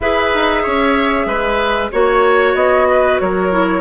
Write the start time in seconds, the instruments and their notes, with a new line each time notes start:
0.00 bassoon E4, clarinet G#4, oboe B4, flute E5
0.34 bassoon D#4
0.62 bassoon C#4, oboe C#5
1.25 bassoon G#3, oboe B4
1.91 bassoon A#3, clarinet F#4, oboe C#5, flute C#5
2.54 bassoon B3, flute D#5
2.90 oboe B4
3.19 bassoon F#3, oboe A#4, flute C#5
3.51 clarinet E4